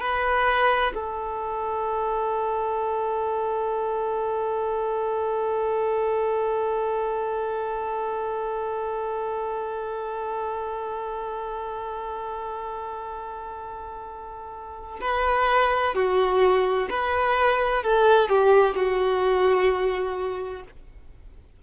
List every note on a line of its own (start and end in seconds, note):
0.00 0.94 B4
0.95 15.01 A4
15.01 15.95 B4
15.95 16.89 F#4
16.90 17.84 B4
17.84 18.29 A4
18.29 18.76 G4
18.76 20.63 F#4